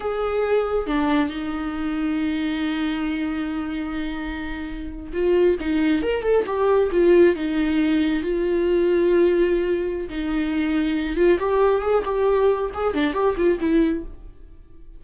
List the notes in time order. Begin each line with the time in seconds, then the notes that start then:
0.00 G#4
0.86 D4
1.29 D#4
5.13 F4
5.60 D#4
6.02 A#4
6.22 A4
6.46 G4
6.91 F4
7.35 D#4
8.22 F4
10.09 D#4
11.16 F4
11.39 G4
11.81 G#4
12.04 G4
12.73 G#4
12.94 D4
13.13 G4
13.37 F4
13.60 E4